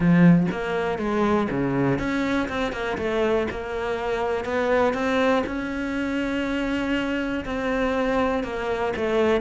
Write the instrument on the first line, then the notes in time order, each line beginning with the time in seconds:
cello
0.00 F3
0.51 A#3
0.98 G#3
1.50 C#3
1.99 C#4
2.48 C4
2.72 A#3
2.97 A3
3.50 A#3
4.44 B3
4.93 C4
5.46 C#4
7.45 C4
8.43 A#3
8.96 A3